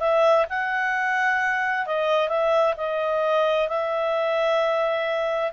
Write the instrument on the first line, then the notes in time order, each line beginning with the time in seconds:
clarinet
0.00 E5
0.49 F#5
1.86 D#5
2.28 E5
2.77 D#5
3.68 E5